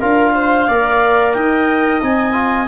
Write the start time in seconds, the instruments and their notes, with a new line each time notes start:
0.00 tuba D4, trombone F4, viola A#4, clarinet F5
0.35 viola C5
0.68 tuba A#3, trombone A#4, viola D5
1.33 tuba D#4, viola D#5, clarinet G5
2.02 tuba C4, trombone D#4, clarinet G#5
2.32 trombone F4